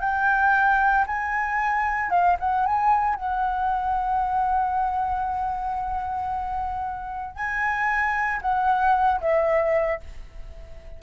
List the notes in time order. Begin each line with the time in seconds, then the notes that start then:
0.00 G5
1.07 G#5
2.10 F5
2.39 F#5
2.66 G#5
3.15 F#5
7.35 G#5
8.41 F#5
9.21 E5